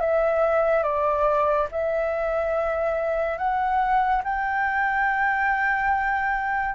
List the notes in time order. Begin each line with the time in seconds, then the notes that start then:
0.00 E5
0.83 D5
1.71 E5
3.38 F#5
4.24 G5